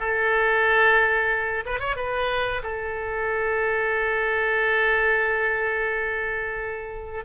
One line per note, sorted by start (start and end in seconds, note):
0.00 1.65 A4
1.66 1.80 B4
1.80 1.96 C#5
1.96 2.62 B4
2.63 7.25 A4